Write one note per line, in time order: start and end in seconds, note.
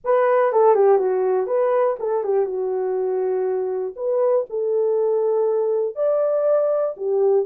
0.04 0.52 B4
0.52 0.75 A4
0.75 0.97 G4
0.97 1.46 F#4
1.46 1.96 B4
1.99 2.23 A4
2.23 2.45 G4
2.45 3.94 F#4
3.96 4.45 B4
4.49 5.95 A4
5.95 6.94 D5
6.96 7.45 G4